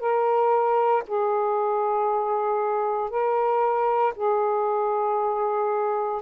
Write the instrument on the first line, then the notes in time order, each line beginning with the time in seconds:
saxophone
0.00 A#4
1.08 G#4
3.10 A#4
4.16 G#4